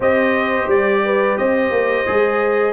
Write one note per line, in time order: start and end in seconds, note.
0.00 0.67 C4
0.00 2.06 G4
0.00 1.02 C5
0.00 0.69 D#5
0.67 1.36 G3
0.67 1.37 D5
1.04 1.38 B4
1.37 1.70 C4
1.37 2.72 C5
1.37 2.72 D#5
1.70 2.05 A#3
2.06 2.72 G#3
2.06 2.72 G#4